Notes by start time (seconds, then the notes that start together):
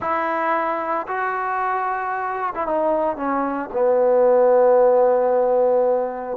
0.00 E4
1.07 F#4
2.54 E4
2.67 D#4
3.16 C#4
3.72 B3